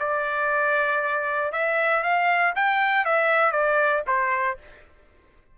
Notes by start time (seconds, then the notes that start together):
0.00 D5
1.52 E5
2.03 F5
2.55 G5
3.05 E5
3.52 D5
4.07 C5